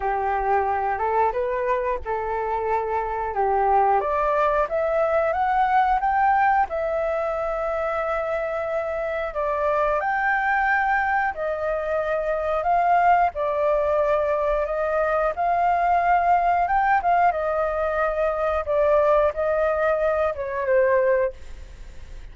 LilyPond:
\new Staff \with { instrumentName = "flute" } { \time 4/4 \tempo 4 = 90 g'4. a'8 b'4 a'4~ | a'4 g'4 d''4 e''4 | fis''4 g''4 e''2~ | e''2 d''4 g''4~ |
g''4 dis''2 f''4 | d''2 dis''4 f''4~ | f''4 g''8 f''8 dis''2 | d''4 dis''4. cis''8 c''4 | }